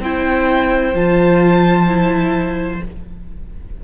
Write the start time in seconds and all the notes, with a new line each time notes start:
0.00 C4 E4 C5 G5
0.94 F3 F4 A5
1.87 E4